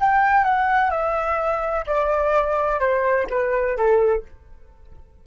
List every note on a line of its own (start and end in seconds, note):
0.00 0.44 G5
0.44 0.90 F#5
0.90 1.85 E5
1.86 2.80 D5
2.80 3.27 C5
3.30 3.77 B4
3.77 4.24 A4